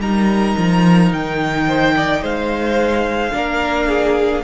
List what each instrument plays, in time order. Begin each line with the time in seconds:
0.00 cello G3, viola D#4, violin A#4 A#5
0.58 cello F3
1.12 cello D#3, violin G5
1.68 violin C5
1.97 violin D5
2.22 cello G#3, violin C5 F5
3.33 cello A#3, viola D4, violin A#4
3.89 violin G#4